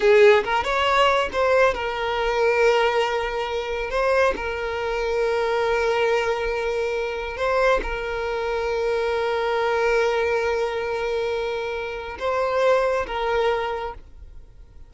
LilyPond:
\new Staff \with { instrumentName = "violin" } { \time 4/4 \tempo 4 = 138 gis'4 ais'8 cis''4. c''4 | ais'1~ | ais'4 c''4 ais'2~ | ais'1~ |
ais'4 c''4 ais'2~ | ais'1~ | ais'1 | c''2 ais'2 | }